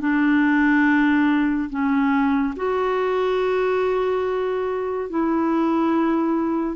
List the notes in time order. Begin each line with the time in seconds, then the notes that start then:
0.00 D4
1.70 C#4
2.56 F#4
5.10 E4